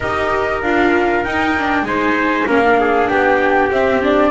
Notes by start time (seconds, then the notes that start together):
0.00 D#4 G4 A#4 D#5
0.62 D4 F4 F5
1.24 D#4 G5
1.59 D4
1.82 G#3 D#4 C5 G#5
2.47 A#3 C#4 A#4 F5
2.63 D4
2.80 G#4
3.08 B3 G4 G5
3.70 C4 E5
4.01 D4 D5